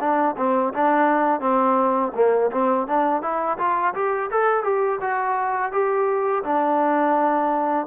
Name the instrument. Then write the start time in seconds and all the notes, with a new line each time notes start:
trombone
0.00 D4
0.37 C4
0.73 D4
1.40 C4
2.15 A#3
2.51 C4
2.87 D4
3.22 E4
3.58 F4
3.94 G4
4.31 A4
4.64 G4
5.01 F#4
5.72 G4
6.44 D4